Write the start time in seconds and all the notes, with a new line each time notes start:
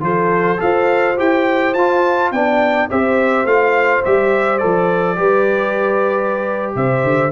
0.00 F3 F4 A4 C5
0.57 F4 A4 C5 F5
1.17 E4 G4 G5
1.74 F4 A5
2.31 B3 D4 D5 G5
2.90 C4 G4 C5 E5
3.44 A3 F4 F5
4.04 G3 G4 E5
4.58 F3 A4 D5
5.16 G3 G4 B4
6.75 C3 C5 E5
7.03 D3